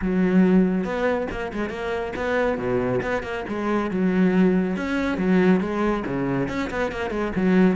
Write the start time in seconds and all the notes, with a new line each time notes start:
0.01 F#3
0.84 B3
1.30 A#3
1.53 G#3
1.69 A#3
2.16 B3
2.58 B2
3.02 B3
3.22 A#3
3.48 G#3
3.91 F#3
4.76 C#4
5.17 F#3
5.60 G#3
6.06 C#3
6.48 C#4
6.70 B3
6.91 A#3
7.10 G#3
7.35 F#3